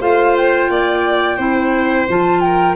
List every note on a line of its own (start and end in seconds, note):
0.00 0.69 A3
0.00 1.38 F4
0.00 0.70 C5
0.00 0.36 F5
0.36 2.09 G5
0.69 1.38 A#3
0.69 1.36 D5
1.36 2.07 C4
1.36 2.07 E4
1.36 2.40 C5
2.08 2.75 F3
2.08 2.75 F4
2.08 2.40 A5
2.40 2.75 A#4
2.40 2.75 G5